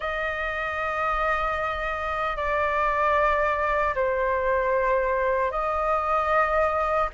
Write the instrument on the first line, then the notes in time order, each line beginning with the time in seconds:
flute
0.00 D#5
2.36 D5
3.94 C5
5.50 D#5